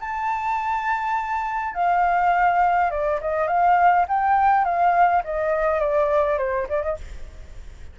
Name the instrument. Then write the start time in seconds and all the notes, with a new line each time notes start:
flute
0.00 A5
1.74 F5
2.90 D5
3.21 D#5
3.47 F5
4.08 G5
4.64 F5
5.24 D#5
5.79 D5
6.37 C5
6.69 D5
6.82 D#5